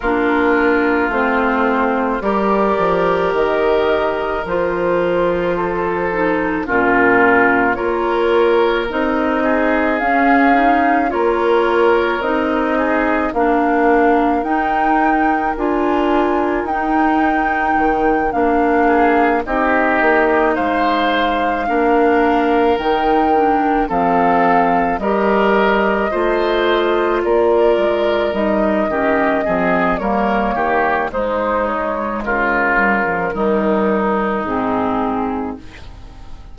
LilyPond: <<
  \new Staff \with { instrumentName = "flute" } { \time 4/4 \tempo 4 = 54 ais'4 c''4 d''4 dis''4 | c''2 ais'4 cis''4 | dis''4 f''4 cis''4 dis''4 | f''4 g''4 gis''4 g''4~ |
g''8 f''4 dis''4 f''4.~ | f''8 g''4 f''4 dis''4.~ | dis''8 d''4 dis''4. cis''4 | c''8 cis''8 ais'2 gis'4 | }
  \new Staff \with { instrumentName = "oboe" } { \time 4/4 f'2 ais'2~ | ais'4 a'4 f'4 ais'4~ | ais'8 gis'4. ais'4. gis'8 | ais'1~ |
ais'4 gis'8 g'4 c''4 ais'8~ | ais'4. a'4 ais'4 c''8~ | c''8 ais'4. g'8 gis'8 ais'8 g'8 | dis'4 f'4 dis'2 | }
  \new Staff \with { instrumentName = "clarinet" } { \time 4/4 d'4 c'4 g'2 | f'4. dis'8 cis'4 f'4 | dis'4 cis'8 dis'8 f'4 dis'4 | d'4 dis'4 f'4 dis'4~ |
dis'8 d'4 dis'2 d'8~ | d'8 dis'8 d'8 c'4 g'4 f'8~ | f'4. dis'8 cis'8 c'8 ais4 | gis4. g16 f16 g4 c'4 | }
  \new Staff \with { instrumentName = "bassoon" } { \time 4/4 ais4 a4 g8 f8 dis4 | f2 ais,4 ais4 | c'4 cis'4 ais4 c'4 | ais4 dis'4 d'4 dis'4 |
dis8 ais4 c'8 ais8 gis4 ais8~ | ais8 dis4 f4 g4 a8~ | a8 ais8 gis8 g8 dis8 f8 g8 dis8 | gis4 cis4 dis4 gis,4 | }
>>